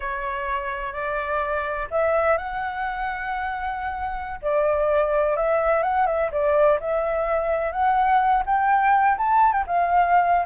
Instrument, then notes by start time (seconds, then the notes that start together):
flute
0.00 C#5
0.92 D5
1.90 E5
2.37 F#5
4.42 D5
5.36 E5
5.82 F#5
6.06 E5
6.31 D5
6.80 E5
7.71 F#5
8.45 G5
9.17 A5
9.52 G5
9.66 F5